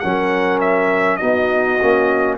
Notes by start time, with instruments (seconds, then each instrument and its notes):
0.00 tuba F#3, trombone C#4, horn A#4, trumpet F#5
0.61 trumpet E5
1.17 tuba B3, trombone D#4, horn F#4, trumpet D#5
1.82 tuba A#3, trombone C#4